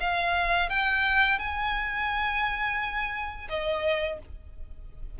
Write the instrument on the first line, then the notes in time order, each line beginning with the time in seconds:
violin
0.00 F5
0.69 G5
1.39 G#5
3.49 D#5